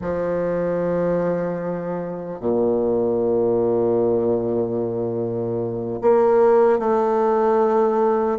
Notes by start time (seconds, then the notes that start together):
0.01 F3
2.40 A#2
6.01 A#3
6.79 A3